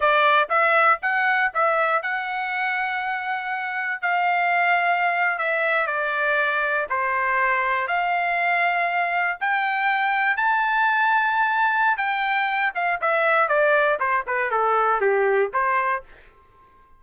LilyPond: \new Staff \with { instrumentName = "trumpet" } { \time 4/4 \tempo 4 = 120 d''4 e''4 fis''4 e''4 | fis''1 | f''2~ f''8. e''4 d''16~ | d''4.~ d''16 c''2 f''16~ |
f''2~ f''8. g''4~ g''16~ | g''8. a''2.~ a''16 | g''4. f''8 e''4 d''4 | c''8 b'8 a'4 g'4 c''4 | }